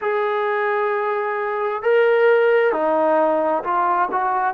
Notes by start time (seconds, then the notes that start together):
0.01 G#4
1.82 A#4
2.72 D#4
3.63 F4
4.12 F#4